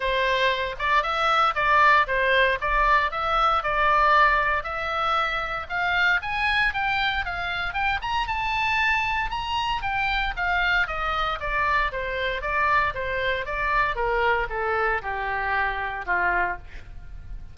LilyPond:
\new Staff \with { instrumentName = "oboe" } { \time 4/4 \tempo 4 = 116 c''4. d''8 e''4 d''4 | c''4 d''4 e''4 d''4~ | d''4 e''2 f''4 | gis''4 g''4 f''4 g''8 ais''8 |
a''2 ais''4 g''4 | f''4 dis''4 d''4 c''4 | d''4 c''4 d''4 ais'4 | a'4 g'2 f'4 | }